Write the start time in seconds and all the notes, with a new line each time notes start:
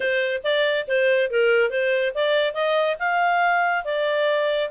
0.00 C5
0.43 D5
0.87 C5
1.30 A#4
1.70 C5
2.14 D5
2.53 D#5
2.99 F5
3.84 D5